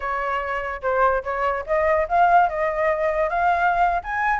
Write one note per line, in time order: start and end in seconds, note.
0.00 0.81 C#5
0.82 1.23 C5
1.23 1.64 C#5
1.66 2.07 D#5
2.08 2.49 F5
2.49 3.29 D#5
3.29 4.01 F5
4.03 4.39 G#5